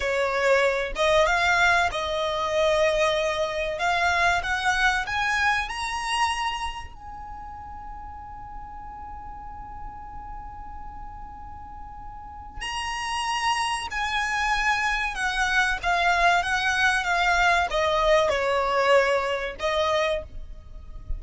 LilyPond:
\new Staff \with { instrumentName = "violin" } { \time 4/4 \tempo 4 = 95 cis''4. dis''8 f''4 dis''4~ | dis''2 f''4 fis''4 | gis''4 ais''2 gis''4~ | gis''1~ |
gis''1 | ais''2 gis''2 | fis''4 f''4 fis''4 f''4 | dis''4 cis''2 dis''4 | }